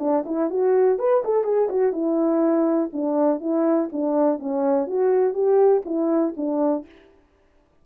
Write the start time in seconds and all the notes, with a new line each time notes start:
0.00 D4
0.26 E4
0.50 F#4
0.99 B4
1.25 A4
1.44 G#4
1.70 F#4
1.92 E4
2.93 D4
3.41 E4
3.93 D4
4.40 C#4
4.87 F#4
5.34 G4
5.85 E4
6.37 D4